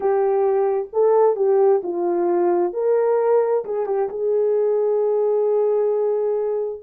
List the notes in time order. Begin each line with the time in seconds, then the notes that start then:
0.00 G4
0.92 A4
1.36 G4
1.83 F4
2.73 A#4
3.64 G#4
3.86 G4
4.09 G#4